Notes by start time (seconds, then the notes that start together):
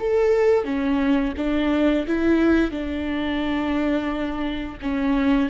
0.00 A4
0.65 C#4
1.37 D4
2.07 E4
2.71 D4
4.82 C#4